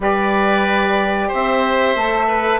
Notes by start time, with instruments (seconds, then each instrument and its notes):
0.00 bassoon G3, saxophone G4, oboe B4, trumpet D5
1.28 bassoon C4, oboe C5
1.34 trumpet E5
1.95 bassoon A3, saxophone A4
2.27 oboe B4